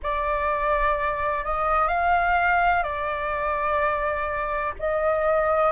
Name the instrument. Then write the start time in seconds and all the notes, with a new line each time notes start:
flute
0.03 D5
1.44 D#5
1.88 F5
2.83 D5
4.79 D#5